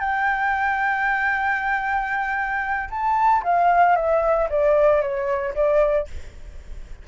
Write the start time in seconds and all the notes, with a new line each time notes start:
0.00 G5
2.90 A5
3.43 F5
3.96 E5
4.50 D5
5.02 C#5
5.55 D5